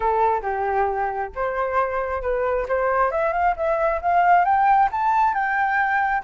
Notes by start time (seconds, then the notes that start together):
0.00 A4
0.42 G4
1.35 C5
2.22 B4
2.68 C5
3.11 E5
3.33 F5
3.56 E5
4.01 F5
4.44 G5
4.91 A5
5.33 G5